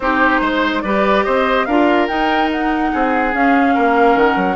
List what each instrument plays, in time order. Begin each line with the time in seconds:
0.00 bassoon C4, clarinet D#4, oboe G4, flute C5
0.40 bassoon G#3, oboe C5
0.81 bassoon G3, clarinet G4, oboe B4, flute D5
1.23 bassoon C4, oboe C5, flute D#5
1.65 bassoon D4, clarinet F4, oboe A#4, flute F5
2.07 bassoon D#4, clarinet D#4, flute G5
2.51 flute F#5
2.92 bassoon C4, oboe G#4
3.33 bassoon C#4, clarinet C#4, flute F5
3.74 bassoon A#3, oboe A#4
4.15 bassoon D#3, flute F#5
4.36 bassoon F#3